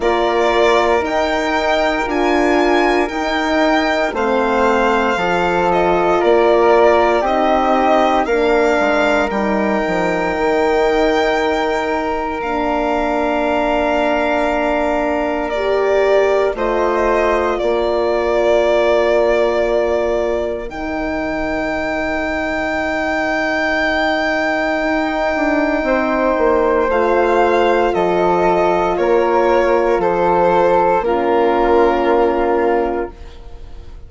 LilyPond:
<<
  \new Staff \with { instrumentName = "violin" } { \time 4/4 \tempo 4 = 58 d''4 g''4 gis''4 g''4 | f''4. dis''8 d''4 dis''4 | f''4 g''2. | f''2. d''4 |
dis''4 d''2. | g''1~ | g''2 f''4 dis''4 | cis''4 c''4 ais'2 | }
  \new Staff \with { instrumentName = "flute" } { \time 4/4 ais'1 | c''4 a'4 ais'4 g'4 | ais'1~ | ais'1 |
c''4 ais'2.~ | ais'1~ | ais'4 c''2 a'4 | ais'4 a'4 f'2 | }
  \new Staff \with { instrumentName = "horn" } { \time 4/4 f'4 dis'4 f'4 dis'4 | c'4 f'2 dis'4 | d'4 dis'2. | d'2. g'4 |
f'1 | dis'1~ | dis'2 f'2~ | f'2 cis'2 | }
  \new Staff \with { instrumentName = "bassoon" } { \time 4/4 ais4 dis'4 d'4 dis'4 | a4 f4 ais4 c'4 | ais8 gis8 g8 f8 dis2 | ais1 |
a4 ais2. | dis1 | dis'8 d'8 c'8 ais8 a4 f4 | ais4 f4 ais2 | }
>>